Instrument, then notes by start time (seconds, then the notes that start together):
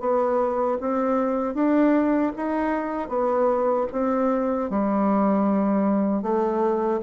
bassoon
0.00 B3
0.80 C4
1.54 D4
2.36 D#4
3.09 B3
3.92 C4
4.70 G3
6.22 A3